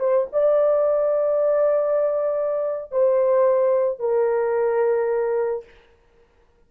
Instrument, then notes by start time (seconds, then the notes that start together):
horn
0.00 C5
0.33 D5
2.92 C5
4.00 A#4